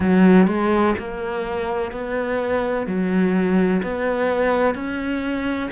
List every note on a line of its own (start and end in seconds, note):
0.00 0.47 F#3
0.47 0.94 G#3
0.98 1.91 A#3
1.91 2.87 B3
2.87 3.82 F#3
3.82 4.74 B3
4.74 5.70 C#4